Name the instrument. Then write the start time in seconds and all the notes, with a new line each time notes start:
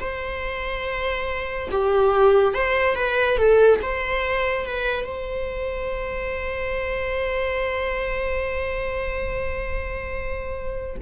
viola
0.00 C5
1.71 G4
2.54 C5
2.95 B4
3.37 A4
3.82 C5
4.66 B4
5.04 C5